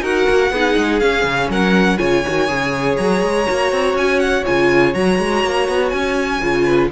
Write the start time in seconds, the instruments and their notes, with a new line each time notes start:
0.00 cello D#4, viola F#4, violin A#4 F#5
0.29 cello A#3
0.50 cello B3, viola D#4, violin G#4
0.77 cello G#3
0.99 viola C#4, cello C#4, violin F5
1.23 cello C#3
1.49 cello F#3, violin A#4 F#5
1.97 cello C#3, viola F4, violin C#5 G#5
2.26 cello D#3, viola F#4
2.47 cello C#3, viola G#4
2.96 cello F#3, violin A#5
3.22 cello G#3
3.46 cello A#3, viola F#4
3.72 cello C4
3.93 cello C#4, violin G#5
4.19 violin F#5
4.45 cello C#3, viola F4, violin G#5
4.93 cello F#3, viola F#4, violin A#5
5.19 cello G#3
5.43 cello A#3
5.68 cello B3
5.89 cello C#4, violin G#5
6.41 cello C#3, viola F4
6.64 violin B4